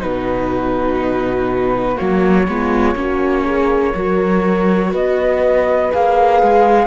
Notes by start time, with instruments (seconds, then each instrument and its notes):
0.00 cello B2, viola D#4, horn F#4, flute B4
1.96 cello F#3, viola A#3, flute C#5
2.48 cello G#3, viola B3, horn F4
2.96 cello A#3, viola C#4, horn F#4
3.45 horn G#4
3.95 cello F#3, viola F#4, horn A#4
4.90 cello B3, horn B4, flute D#5
5.92 cello A#3, viola G#4, flute F5
6.43 cello G#3